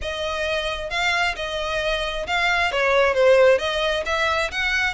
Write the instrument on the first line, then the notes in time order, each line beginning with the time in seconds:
violin
0.01 D#5
0.90 F5
1.36 D#5
2.27 F5
2.71 C#5
3.14 C5
3.58 D#5
4.05 E5
4.51 F#5